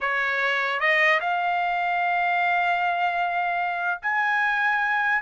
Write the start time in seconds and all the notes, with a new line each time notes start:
0.00 C#5
0.80 D#5
1.20 F5
4.02 G#5